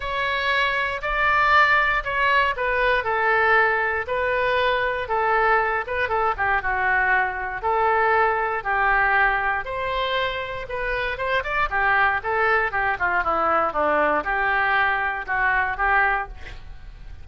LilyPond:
\new Staff \with { instrumentName = "oboe" } { \time 4/4 \tempo 4 = 118 cis''2 d''2 | cis''4 b'4 a'2 | b'2 a'4. b'8 | a'8 g'8 fis'2 a'4~ |
a'4 g'2 c''4~ | c''4 b'4 c''8 d''8 g'4 | a'4 g'8 f'8 e'4 d'4 | g'2 fis'4 g'4 | }